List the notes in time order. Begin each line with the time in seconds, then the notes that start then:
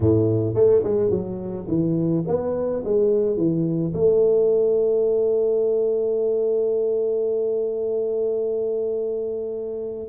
0.00 A2
0.54 A3
0.83 G#3
1.10 F#3
1.68 E3
2.27 B3
2.84 G#3
3.36 E3
3.93 A3